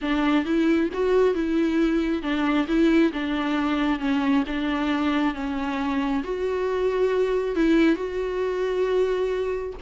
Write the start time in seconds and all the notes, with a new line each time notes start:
0.01 D4
0.45 E4
0.93 F#4
1.34 E4
2.22 D4
2.67 E4
3.12 D4
3.99 C#4
4.46 D4
5.34 C#4
6.23 F#4
7.55 E4
7.95 F#4